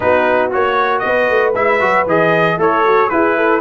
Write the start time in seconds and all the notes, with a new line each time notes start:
0.00 B3 D#4 F#4 B4
0.50 A#3 F#4 C#5
0.99 B3 D#5
1.06 B4
1.29 A3
1.55 G#3 E4 E5
1.80 F#3 F#4
2.06 E3 G#4 D#5
2.57 A3 E4 A4 C#5
2.85 F#4
3.09 E4 G#4 B4
3.36 A4